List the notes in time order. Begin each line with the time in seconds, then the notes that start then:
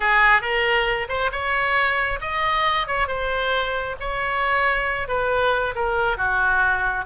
0.00 G#4
0.41 A#4
1.08 C5
1.31 C#5
2.21 D#5
2.87 C#5
3.07 C5
4.00 C#5
5.08 B4
5.75 A#4
6.17 F#4